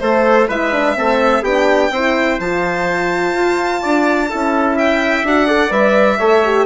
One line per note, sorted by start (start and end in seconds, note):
0.00 0.48 A3
0.00 0.49 A3
0.00 0.48 A4
0.00 0.48 C5
0.48 0.96 G#3
0.48 0.72 E4
0.48 0.95 B4
0.48 1.44 E5
0.72 0.96 D4
0.96 1.42 A3
0.96 1.43 C4
0.96 1.43 A4
1.42 1.90 B3
1.42 1.94 D4
1.42 1.90 G4
1.42 2.39 G5
1.91 2.38 C4
1.91 2.42 E4
1.91 3.82 C5
2.40 3.34 F3
2.40 4.30 F4
2.40 4.78 A5
3.34 3.81 F4
3.82 4.32 D4
3.82 4.30 D5
4.30 5.24 C#4
4.30 5.25 E4
4.30 4.76 A4
4.76 5.47 E5
4.76 5.25 G5
5.24 5.71 D4
5.24 5.48 F#4
5.24 5.72 F#5
5.47 5.70 A4
5.47 6.18 D5
5.70 6.18 G3
5.70 6.17 B4
5.70 6.66 E5
6.19 6.66 A3
6.19 6.44 A4
6.19 6.66 C#5
6.44 6.66 G4